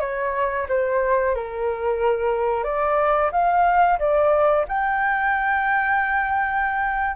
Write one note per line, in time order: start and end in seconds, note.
0.00 0.67 C#5
0.69 1.35 C5
1.35 2.64 A#4
2.64 3.31 D5
3.32 3.98 F5
3.99 4.65 D5
4.68 7.16 G5